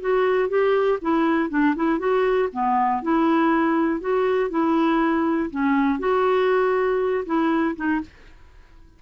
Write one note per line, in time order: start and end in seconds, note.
0.00 0.48 F#4
0.48 0.98 G4
1.01 1.49 E4
1.49 1.74 D4
1.75 1.99 E4
1.99 2.49 F#4
2.52 3.02 B3
3.02 4.00 E4
4.00 4.50 F#4
4.50 5.50 E4
5.50 5.99 C#4
5.99 7.24 F#4
7.25 7.75 E4
7.75 8.00 D#4